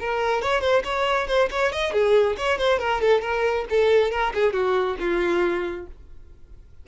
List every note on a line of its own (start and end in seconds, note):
0.00 0.42 A#4
0.42 0.61 C#5
0.61 0.83 C5
0.84 1.27 C#5
1.27 1.49 C5
1.51 1.72 C#5
1.72 1.93 D#5
1.93 2.36 G#4
2.38 2.58 C#5
2.58 2.79 C5
2.79 3.01 A#4
3.01 3.22 A4
3.22 3.65 A#4
3.70 4.11 A4
4.11 4.33 A#4
4.34 4.53 G#4
4.53 4.97 F#4
5.00 5.87 F4